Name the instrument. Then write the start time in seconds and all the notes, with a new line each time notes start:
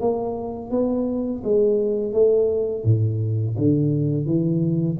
tuba
0.00 A#3
0.70 B3
1.44 G#3
2.13 A3
2.84 A2
3.58 D3
4.26 E3